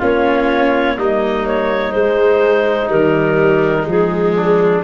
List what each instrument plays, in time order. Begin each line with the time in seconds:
0.00 tuba A#3, viola C#4, trumpet F4, clarinet C#5
0.97 tuba G3, viola A#3, trumpet D#4, clarinet D#5
1.46 clarinet C#5
1.92 viola G#3, tuba G#3, clarinet C5
2.89 tuba D#3, viola G3, clarinet A#4
3.83 tuba F3, viola G#3
3.89 clarinet G#4
4.37 trumpet D4